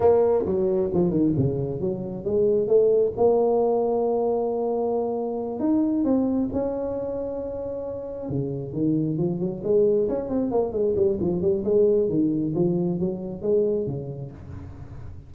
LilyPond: \new Staff \with { instrumentName = "tuba" } { \time 4/4 \tempo 4 = 134 ais4 fis4 f8 dis8 cis4 | fis4 gis4 a4 ais4~ | ais1~ | ais8 dis'4 c'4 cis'4.~ |
cis'2~ cis'8 cis4 dis8~ | dis8 f8 fis8 gis4 cis'8 c'8 ais8 | gis8 g8 f8 g8 gis4 dis4 | f4 fis4 gis4 cis4 | }